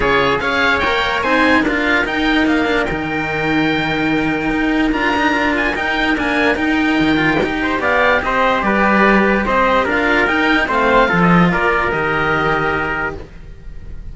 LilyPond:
<<
  \new Staff \with { instrumentName = "oboe" } { \time 4/4 \tempo 4 = 146 cis''4 f''4 g''4 gis''4 | f''4 g''4 f''4 g''4~ | g''1 | ais''4. gis''8 g''4 gis''4 |
g''2. f''4 | dis''4 d''2 dis''4 | f''4 g''4 f''4~ f''16 dis''8. | d''4 dis''2. | }
  \new Staff \with { instrumentName = "trumpet" } { \time 4/4 gis'4 cis''2 c''4 | ais'1~ | ais'1~ | ais'1~ |
ais'2~ ais'8 c''8 d''4 | c''4 b'2 c''4 | ais'2 c''4 a'4 | ais'1 | }
  \new Staff \with { instrumentName = "cello" } { \time 4/4 f'4 gis'4 ais'4 dis'4 | f'4 dis'4. d'8 dis'4~ | dis'1 | f'8 dis'8 f'4 dis'4 ais4 |
dis'4. f'8 g'2~ | g'1 | f'4 dis'4 c'4 f'4~ | f'4 g'2. | }
  \new Staff \with { instrumentName = "cello" } { \time 4/4 cis4 cis'4 ais4 c'4 | d'4 dis'4 ais4 dis4~ | dis2. dis'4 | d'2 dis'4 d'4 |
dis'4 dis4 dis'4 b4 | c'4 g2 c'4 | d'4 dis'4 a4 f4 | ais4 dis2. | }
>>